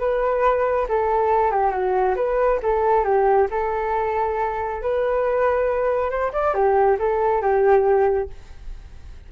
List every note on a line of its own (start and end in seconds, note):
0.00 0.88 B4
0.89 1.51 A4
1.51 1.72 G4
1.72 2.15 F#4
2.16 2.60 B4
2.63 3.05 A4
3.05 3.48 G4
3.51 4.82 A4
4.82 6.11 B4
6.11 6.32 C5
6.33 6.55 D5
6.55 6.98 G4
6.99 7.42 A4
7.42 8.30 G4